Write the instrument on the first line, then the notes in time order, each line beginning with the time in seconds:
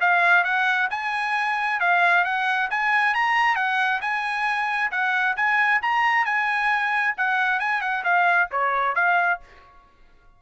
trumpet
0.00 F5
0.44 F#5
0.90 G#5
1.80 F5
2.24 F#5
2.70 G#5
3.14 A#5
3.56 F#5
4.01 G#5
4.91 F#5
5.36 G#5
5.82 A#5
6.25 G#5
7.17 F#5
7.60 G#5
7.81 F#5
8.04 F5
8.51 C#5
8.95 F5